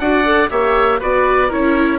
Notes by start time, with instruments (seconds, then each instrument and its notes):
0.00 bassoon D4, viola F#4, oboe D5 F#5
0.25 viola A4
0.50 bassoon A#3, viola G4, oboe C#5 E5
0.99 bassoon B3, viola F#4, oboe B4 D5
1.48 bassoon C#4, viola E4, oboe A#4 C#5